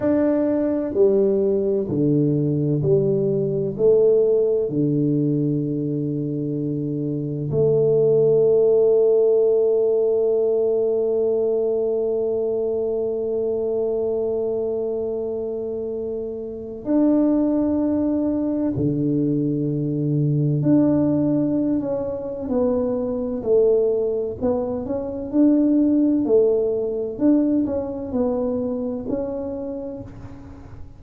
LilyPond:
\new Staff \with { instrumentName = "tuba" } { \time 4/4 \tempo 4 = 64 d'4 g4 d4 g4 | a4 d2. | a1~ | a1~ |
a2 d'2 | d2 d'4~ d'16 cis'8. | b4 a4 b8 cis'8 d'4 | a4 d'8 cis'8 b4 cis'4 | }